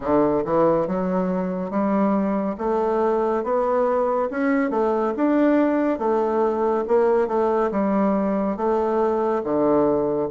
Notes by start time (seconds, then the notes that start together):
0.00 D3
0.44 E3
0.87 F#3
1.70 G3
2.58 A3
3.43 B3
4.30 C#4
4.70 A3
5.16 D4
5.98 A3
6.87 A#3
7.27 A3
7.71 G3
8.56 A3
9.43 D3